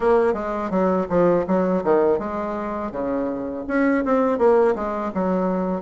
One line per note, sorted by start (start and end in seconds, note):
0.00 0.33 A#3
0.33 0.70 G#3
0.70 1.06 F#3
1.09 1.45 F3
1.47 1.83 F#3
1.84 2.19 D#3
2.19 2.91 G#3
2.91 3.65 C#3
3.67 4.04 C#4
4.04 4.38 C4
4.38 4.74 A#3
4.75 5.11 G#3
5.14 5.81 F#3